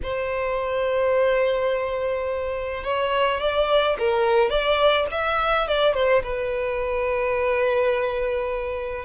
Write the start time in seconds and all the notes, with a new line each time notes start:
0.03 C5
2.83 C#5
3.40 D5
3.98 A#4
4.49 D5
5.11 E5
5.67 D5
5.94 C5
6.23 B4